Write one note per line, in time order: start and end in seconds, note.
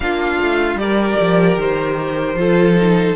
0.00 0.37 A#3
0.00 0.78 D4
0.00 0.80 F4
0.00 0.78 F5
0.41 0.75 A3
0.75 1.14 G3
0.75 2.36 G4
0.75 2.38 A#4
0.75 1.57 D5
1.20 1.56 F3
1.56 2.34 D#3
1.56 3.16 C5
2.34 3.13 F3
2.34 2.75 F4
2.34 3.16 A4
2.75 3.15 D#4